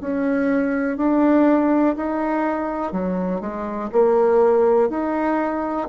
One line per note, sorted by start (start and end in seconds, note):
0.00 0.97 C#4
0.97 1.95 D4
1.96 2.92 D#4
2.92 3.40 F#3
3.40 3.89 G#3
3.92 4.89 A#3
4.89 5.87 D#4